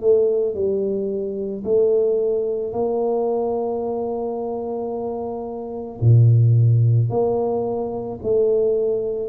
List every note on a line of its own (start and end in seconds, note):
0.00 0.54 A3
0.54 1.63 G3
1.64 2.72 A3
2.72 5.99 A#3
6.00 7.10 A#2
7.10 8.19 A#3
8.22 9.28 A3